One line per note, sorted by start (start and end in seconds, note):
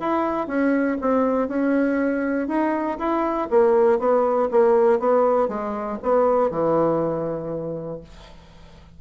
0.00 0.47 E4
0.47 0.97 C#4
1.01 1.49 C4
1.49 2.48 C#4
2.48 2.98 D#4
2.99 3.49 E4
3.51 4.00 A#3
4.00 4.50 B3
4.52 5.00 A#3
5.00 5.49 B3
5.49 5.99 G#3
6.03 6.51 B3
6.51 8.01 E3